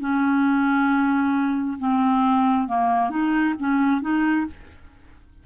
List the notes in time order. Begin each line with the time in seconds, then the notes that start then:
0.00 C#4
1.79 C4
2.68 A#3
3.10 D#4
3.59 C#4
4.01 D#4